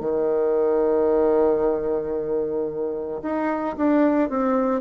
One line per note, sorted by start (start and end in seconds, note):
0.00 3.21 D#3
3.22 3.76 D#4
3.77 4.30 D4
4.30 4.81 C4